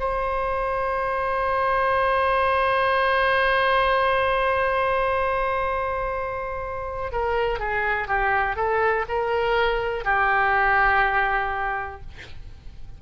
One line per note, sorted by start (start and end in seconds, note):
0.00 7.12 C5
7.12 7.60 A#4
7.60 8.08 G#4
8.08 8.56 G4
8.56 9.05 A4
9.08 10.05 A#4
10.05 12.01 G4